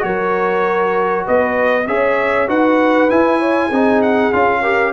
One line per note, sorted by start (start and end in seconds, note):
0.00 1.26 F#3
0.00 1.84 F#4
0.00 1.26 A#4
0.00 1.26 C#5
1.26 1.88 B3
1.26 1.87 B4
1.26 1.88 D#5
1.88 2.49 C#4
1.88 2.48 G#4
1.88 2.49 C#5
1.88 2.49 E5
2.48 3.10 D#4
2.48 3.09 F#4
2.48 3.40 B4
2.48 3.10 F#5
3.10 3.71 E4
3.10 4.02 G#5
3.40 3.67 C#5
3.67 4.32 C4
3.67 4.33 D#4
3.67 4.59 G#4
4.02 4.33 F#5
4.33 4.93 C#4
4.33 4.64 F4
4.33 4.93 F5
4.62 4.93 G4
4.62 4.92 A#4